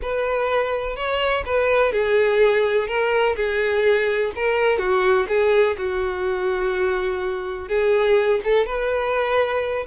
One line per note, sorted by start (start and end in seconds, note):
0.02 0.96 B4
0.96 1.44 C#5
1.45 1.92 B4
1.92 2.87 G#4
2.87 3.35 A#4
3.36 4.32 G#4
4.35 4.78 A#4
4.78 5.26 F#4
5.28 5.76 G#4
5.77 7.68 F#4
7.68 8.40 G#4
8.43 8.65 A4
8.65 9.85 B4